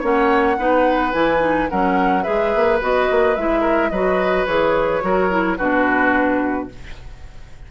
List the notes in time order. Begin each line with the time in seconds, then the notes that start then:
0.00 A#3 C#4 C#5 F#5
0.58 B3 D#4 B4
1.12 E3 E4 G#5
1.40 D#4
1.69 F#3 C#4 A#4 F#5
2.23 G#3 G#4 B4 E5
2.55 A#3
2.81 B3 F#4 D#5
3.11 A#3
3.35 G#3 E4 E5
3.60 A#4
3.89 F#3 F#4 B4 D#5
4.45 E3 G#4 C#5
5.01 F#3 F#4 A#4
5.30 E4
5.57 B2 D4 F#4 B4